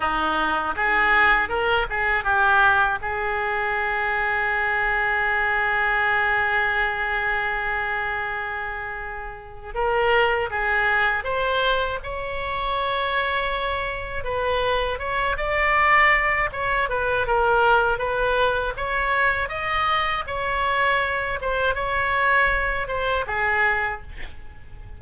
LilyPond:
\new Staff \with { instrumentName = "oboe" } { \time 4/4 \tempo 4 = 80 dis'4 gis'4 ais'8 gis'8 g'4 | gis'1~ | gis'1~ | gis'4 ais'4 gis'4 c''4 |
cis''2. b'4 | cis''8 d''4. cis''8 b'8 ais'4 | b'4 cis''4 dis''4 cis''4~ | cis''8 c''8 cis''4. c''8 gis'4 | }